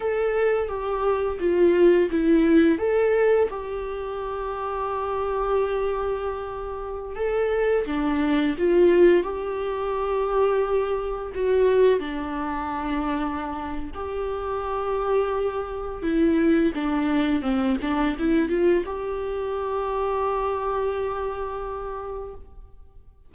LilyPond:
\new Staff \with { instrumentName = "viola" } { \time 4/4 \tempo 4 = 86 a'4 g'4 f'4 e'4 | a'4 g'2.~ | g'2~ g'16 a'4 d'8.~ | d'16 f'4 g'2~ g'8.~ |
g'16 fis'4 d'2~ d'8. | g'2. e'4 | d'4 c'8 d'8 e'8 f'8 g'4~ | g'1 | }